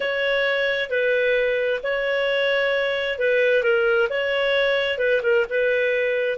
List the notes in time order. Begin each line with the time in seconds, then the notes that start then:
0.00 C#5
0.89 B4
1.83 C#5
3.18 B4
3.63 A#4
4.09 C#5
4.98 B4
5.22 A#4
5.49 B4